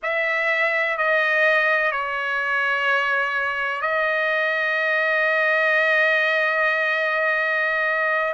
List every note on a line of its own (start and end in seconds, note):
0.03 0.97 E5
0.97 1.91 D#5
1.91 3.81 C#5
3.81 8.34 D#5